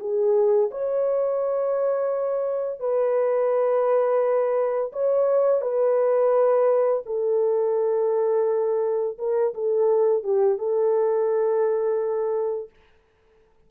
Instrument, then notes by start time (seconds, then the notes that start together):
horn
0.00 G#4
0.71 C#5
2.80 B4
4.93 C#5
5.62 B4
7.06 A4
9.19 A#4
9.55 A4
10.24 G4
10.59 A4